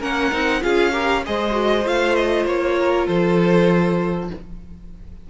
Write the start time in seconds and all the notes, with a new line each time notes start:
0.00 A#3 C#4 A#4 F#5
0.31 C4 D#4
0.61 C#4 F4 G#4 F5
0.92 G4 A#4
1.25 G#3 G#4 C5 D#5
1.51 F#4
1.85 A3 F4 F5
2.15 D#5
2.45 A#3 C#5
2.79 A#4
3.07 F3 A4 C5